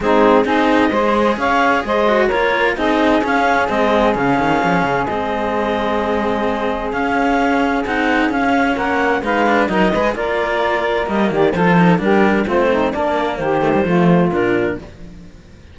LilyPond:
<<
  \new Staff \with { instrumentName = "clarinet" } { \time 4/4 \tempo 4 = 130 gis'4 dis''2 f''4 | dis''4 cis''4 dis''4 f''4 | dis''4 f''2 dis''4~ | dis''2. f''4~ |
f''4 fis''4 f''4 fis''4 | f''4 dis''4 d''2 | dis''8 d''8 c''4 ais'4 c''4 | d''4 c''2 ais'4 | }
  \new Staff \with { instrumentName = "saxophone" } { \time 4/4 dis'4 gis'4 c''4 cis''4 | c''4 ais'4 gis'2~ | gis'1~ | gis'1~ |
gis'2. ais'4 | b'4 ais'8 b'8 ais'2~ | ais'8 g'8 a'4 g'4 f'8 dis'8 | d'4 g'4 f'2 | }
  \new Staff \with { instrumentName = "cello" } { \time 4/4 c'4 dis'4 gis'2~ | gis'8 fis'8 f'4 dis'4 cis'4 | c'4 cis'2 c'4~ | c'2. cis'4~ |
cis'4 dis'4 cis'2 | dis'8 d'8 dis'8 gis'8 f'2 | ais4 f'8 dis'8 d'4 c'4 | ais4. a16 g16 a4 d'4 | }
  \new Staff \with { instrumentName = "cello" } { \time 4/4 gis4 c'4 gis4 cis'4 | gis4 ais4 c'4 cis'4 | gis4 cis8 dis8 f8 cis8 gis4~ | gis2. cis'4~ |
cis'4 c'4 cis'4 ais4 | gis4 fis8 gis8 ais2 | g8 dis8 f4 g4 a4 | ais4 dis4 f4 ais,4 | }
>>